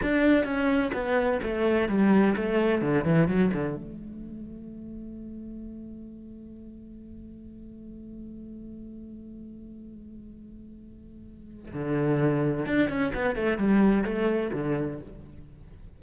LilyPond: \new Staff \with { instrumentName = "cello" } { \time 4/4 \tempo 4 = 128 d'4 cis'4 b4 a4 | g4 a4 d8 e8 fis8 d8 | a1~ | a1~ |
a1~ | a1~ | a4 d2 d'8 cis'8 | b8 a8 g4 a4 d4 | }